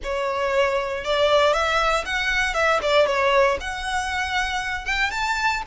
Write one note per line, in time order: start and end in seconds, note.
0.03 1.04 C#5
1.04 1.53 D5
1.53 2.04 E5
2.05 2.54 F#5
2.54 2.79 E5
2.82 3.06 D5
3.06 3.58 C#5
3.60 4.85 F#5
4.85 5.10 G5
5.10 5.62 A5